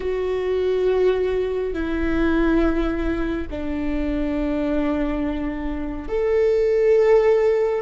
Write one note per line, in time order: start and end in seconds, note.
0.00 1.73 F#4
1.73 3.47 E4
3.50 6.08 D4
6.08 7.82 A4